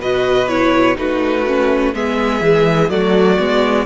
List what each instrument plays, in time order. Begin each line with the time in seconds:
0.00 cello B2, viola F#4, violin B4 D#5
0.48 viola E4, violin C#5
0.96 cello A3, viola D#4, violin F#4 B4
1.47 viola C#4
1.93 cello G#3, viola B3, violin G#4 E5
2.41 cello E3, viola G#3
2.89 cello F#3, viola A3, violin F#4 D5
3.37 cello G#3, viola B3